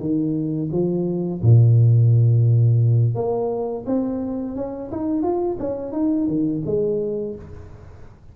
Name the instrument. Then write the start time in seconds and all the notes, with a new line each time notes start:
tuba
0.00 D#3
0.72 F3
1.42 A#2
3.15 A#3
3.86 C4
4.56 C#4
4.92 D#4
5.23 F4
5.59 C#4
5.93 D#4
6.28 D#3
6.66 G#3